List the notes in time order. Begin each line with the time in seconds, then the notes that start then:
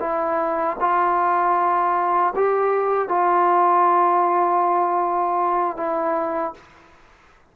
0.00 E4
0.80 F4
2.35 G4
3.08 F4
5.77 E4